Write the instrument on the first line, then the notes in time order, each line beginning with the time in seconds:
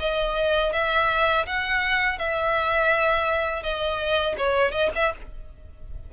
violin
0.00 D#5
0.73 E5
1.47 F#5
2.19 E5
3.63 D#5
4.38 C#5
4.72 D#5
4.96 E5